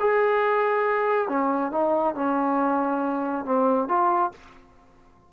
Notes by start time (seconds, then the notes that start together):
0.00 G#4
1.28 C#4
1.71 D#4
2.15 C#4
3.45 C4
3.88 F4